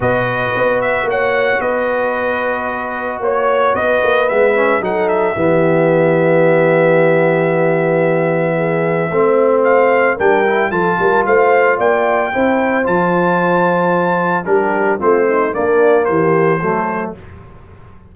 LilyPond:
<<
  \new Staff \with { instrumentName = "trumpet" } { \time 4/4 \tempo 4 = 112 dis''4. e''8 fis''4 dis''4~ | dis''2 cis''4 dis''4 | e''4 fis''8 e''2~ e''8~ | e''1~ |
e''2 f''4 g''4 | a''4 f''4 g''2 | a''2. ais'4 | c''4 d''4 c''2 | }
  \new Staff \with { instrumentName = "horn" } { \time 4/4 b'2 cis''4 b'4~ | b'2 cis''4 b'4~ | b'4 a'4 g'2~ | g'1 |
gis'4 c''2 ais'4 | a'8 ais'8 c''4 d''4 c''4~ | c''2. g'4 | f'8 dis'8 d'4 g'4 a'4 | }
  \new Staff \with { instrumentName = "trombone" } { \time 4/4 fis'1~ | fis'1 | b8 cis'8 dis'4 b2~ | b1~ |
b4 c'2 d'8 e'8 | f'2. e'4 | f'2. d'4 | c'4 ais2 a4 | }
  \new Staff \with { instrumentName = "tuba" } { \time 4/4 b,4 b4 ais4 b4~ | b2 ais4 b8 ais8 | gis4 fis4 e2~ | e1~ |
e4 a2 g4 | f8 g8 a4 ais4 c'4 | f2. g4 | a4 ais4 e4 fis4 | }
>>